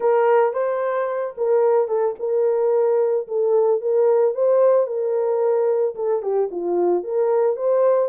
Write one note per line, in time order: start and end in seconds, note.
0.00 0.53 A#4
0.53 1.34 C5
1.37 1.87 A#4
1.87 2.14 A4
2.19 3.27 A#4
3.27 3.81 A4
3.81 4.34 A#4
4.34 4.86 C5
4.86 5.95 A#4
5.95 6.22 A4
6.22 6.49 G4
6.51 7.03 F4
7.03 7.56 A#4
7.56 8.09 C5